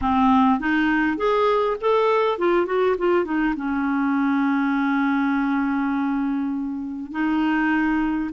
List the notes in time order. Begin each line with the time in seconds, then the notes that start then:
0.01 C4
0.59 D#4
1.17 G#4
1.80 A4
2.38 F4
2.66 F#4
2.98 F4
3.24 D#4
3.56 C#4
7.11 D#4